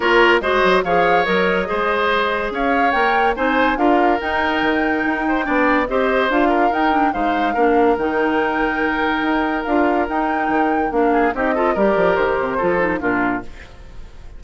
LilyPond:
<<
  \new Staff \with { instrumentName = "flute" } { \time 4/4 \tempo 4 = 143 cis''4 dis''4 f''4 dis''4~ | dis''2 f''4 g''4 | gis''4 f''4 g''2~ | g''2 dis''4 f''4 |
g''4 f''2 g''4~ | g''2. f''4 | g''2 f''4 dis''4 | d''4 c''2 ais'4 | }
  \new Staff \with { instrumentName = "oboe" } { \time 4/4 ais'4 c''4 cis''2 | c''2 cis''2 | c''4 ais'2.~ | ais'8 c''8 d''4 c''4. ais'8~ |
ais'4 c''4 ais'2~ | ais'1~ | ais'2~ ais'8 gis'8 g'8 a'8 | ais'2 a'4 f'4 | }
  \new Staff \with { instrumentName = "clarinet" } { \time 4/4 f'4 fis'4 gis'4 ais'4 | gis'2. ais'4 | dis'4 f'4 dis'2~ | dis'4 d'4 g'4 f'4 |
dis'8 d'8 dis'4 d'4 dis'4~ | dis'2. f'4 | dis'2 d'4 dis'8 f'8 | g'2 f'8 dis'8 d'4 | }
  \new Staff \with { instrumentName = "bassoon" } { \time 4/4 ais4 gis8 fis8 f4 fis4 | gis2 cis'4 ais4 | c'4 d'4 dis'4 dis4 | dis'4 b4 c'4 d'4 |
dis'4 gis4 ais4 dis4~ | dis2 dis'4 d'4 | dis'4 dis4 ais4 c'4 | g8 f8 dis8 c8 f4 ais,4 | }
>>